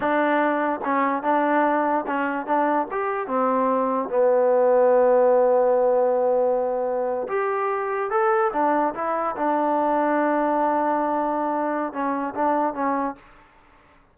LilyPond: \new Staff \with { instrumentName = "trombone" } { \time 4/4 \tempo 4 = 146 d'2 cis'4 d'4~ | d'4 cis'4 d'4 g'4 | c'2 b2~ | b1~ |
b4.~ b16 g'2 a'16~ | a'8. d'4 e'4 d'4~ d'16~ | d'1~ | d'4 cis'4 d'4 cis'4 | }